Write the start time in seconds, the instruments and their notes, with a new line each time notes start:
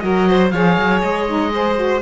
0.00 cello F#3, saxophone F#4, violin A#4, oboe D#5
0.29 violin C5
0.51 cello F3, saxophone G#4, violin C#5, oboe F5
0.78 cello F#3
1.02 cello G#3, oboe D#5
1.28 saxophone D#4
1.54 saxophone G#4, violin C5
1.76 saxophone F#4